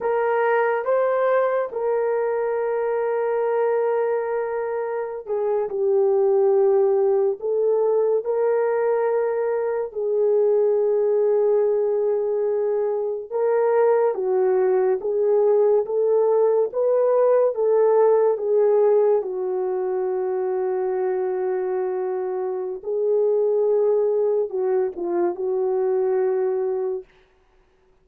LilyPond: \new Staff \with { instrumentName = "horn" } { \time 4/4 \tempo 4 = 71 ais'4 c''4 ais'2~ | ais'2~ ais'16 gis'8 g'4~ g'16~ | g'8. a'4 ais'2 gis'16~ | gis'2.~ gis'8. ais'16~ |
ais'8. fis'4 gis'4 a'4 b'16~ | b'8. a'4 gis'4 fis'4~ fis'16~ | fis'2. gis'4~ | gis'4 fis'8 f'8 fis'2 | }